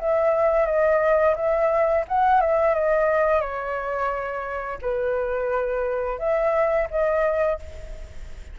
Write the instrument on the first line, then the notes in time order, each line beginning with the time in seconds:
flute
0.00 E5
0.66 D#5
1.36 E5
2.08 F#5
2.41 E5
2.75 D#5
3.41 C#5
4.82 B4
6.19 E5
6.91 D#5